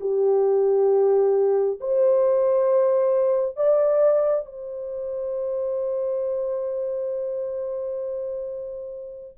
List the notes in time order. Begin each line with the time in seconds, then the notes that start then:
0.00 G4
1.80 C5
3.56 D5
4.45 C5